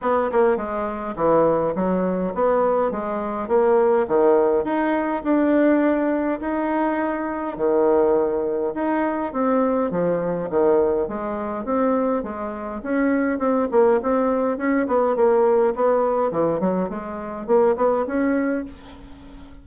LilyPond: \new Staff \with { instrumentName = "bassoon" } { \time 4/4 \tempo 4 = 103 b8 ais8 gis4 e4 fis4 | b4 gis4 ais4 dis4 | dis'4 d'2 dis'4~ | dis'4 dis2 dis'4 |
c'4 f4 dis4 gis4 | c'4 gis4 cis'4 c'8 ais8 | c'4 cis'8 b8 ais4 b4 | e8 fis8 gis4 ais8 b8 cis'4 | }